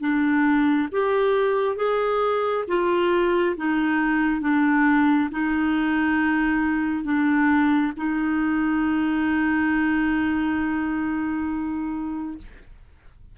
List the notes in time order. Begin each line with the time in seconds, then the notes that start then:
0.00 D4
0.91 G4
1.76 G#4
2.67 F4
3.57 D#4
4.41 D4
5.31 D#4
7.04 D4
7.96 D#4